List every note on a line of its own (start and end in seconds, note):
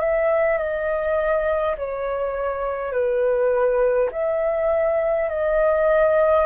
0.00 0.58 E5
0.58 1.76 D#5
1.78 2.93 C#5
2.93 4.10 B4
4.12 5.30 E5
5.30 6.47 D#5